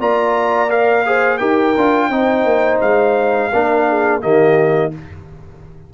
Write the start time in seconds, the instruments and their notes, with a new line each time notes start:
0.00 tuba A#3, trombone F4, horn D5, trumpet A#5
0.69 trombone A#4, trumpet F5
1.06 trombone G#4, horn C5
1.38 tuba D#4, trombone G4, horn A#4, trumpet G5
1.77 tuba D4, trombone F4
2.10 tuba C4, trombone D#4, horn C5
2.45 tuba A#3
2.81 tuba G#3, trumpet F5
3.53 tuba A#3, trombone D4, horn A#4
3.89 horn G#4
4.21 tuba D#3, trombone A#3, horn G4, trumpet D#5